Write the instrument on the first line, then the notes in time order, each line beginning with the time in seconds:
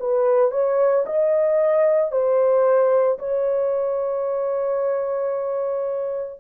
horn
0.00 B4
0.52 C#5
1.06 D#5
2.12 C5
3.19 C#5